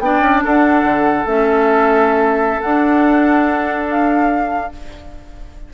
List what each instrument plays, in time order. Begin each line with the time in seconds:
0.00 bassoon B3, clarinet D4, oboe D5, flute G5
0.21 bassoon C#4
0.44 bassoon D4, oboe A4, flute F#5
0.84 bassoon D3
1.26 bassoon A3, clarinet C#4, flute E5
2.61 bassoon D4, clarinet D4, flute F#5
3.91 flute F5